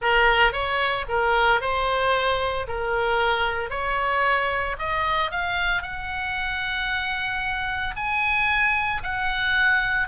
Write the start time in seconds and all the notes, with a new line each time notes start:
0.01 A#4
0.52 C#5
1.08 A#4
1.60 C5
2.67 A#4
3.70 C#5
4.78 D#5
5.31 F5
5.82 F#5
7.95 G#5
9.03 F#5